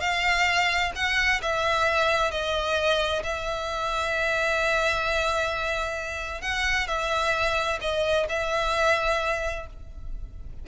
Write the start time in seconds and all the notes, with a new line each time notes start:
0.00 F5
0.95 F#5
1.42 E5
2.31 D#5
3.23 E5
6.41 F#5
6.87 E5
7.81 D#5
8.29 E5